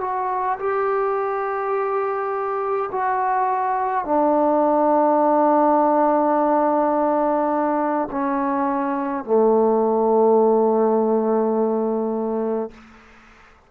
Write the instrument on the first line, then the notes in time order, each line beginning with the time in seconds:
trombone
0.00 F#4
0.59 G4
2.91 F#4
4.04 D4
8.10 C#4
9.24 A3